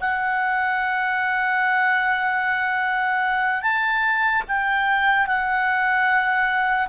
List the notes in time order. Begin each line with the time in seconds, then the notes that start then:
0.00 F#5
3.62 A5
4.48 G5
5.27 F#5